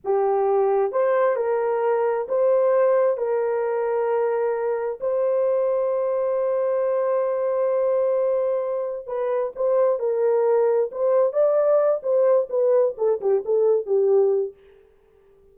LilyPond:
\new Staff \with { instrumentName = "horn" } { \time 4/4 \tempo 4 = 132 g'2 c''4 ais'4~ | ais'4 c''2 ais'4~ | ais'2. c''4~ | c''1~ |
c''1 | b'4 c''4 ais'2 | c''4 d''4. c''4 b'8~ | b'8 a'8 g'8 a'4 g'4. | }